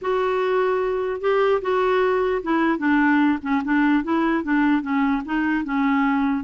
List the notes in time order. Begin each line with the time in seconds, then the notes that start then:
0.01 F#4
1.21 G4
1.61 F#4
2.42 E4
2.78 D4
3.42 C#4
3.64 D4
4.03 E4
4.43 D4
4.82 C#4
5.25 D#4
5.64 C#4